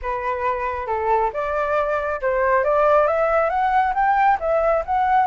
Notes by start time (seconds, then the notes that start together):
0.01 B4
0.87 A4
1.33 D5
2.21 C5
2.63 D5
3.07 E5
3.49 F#5
3.94 G5
4.40 E5
4.85 F#5